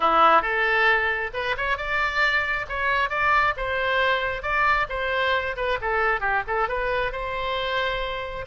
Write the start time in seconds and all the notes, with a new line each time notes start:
0.00 E4
0.42 A4
1.33 B4
1.57 C#5
1.77 D5
2.68 C#5
3.09 D5
3.56 C5
4.42 D5
4.89 C5
5.56 B4
5.81 A4
6.20 G4
6.47 A4
6.68 B4
7.12 C5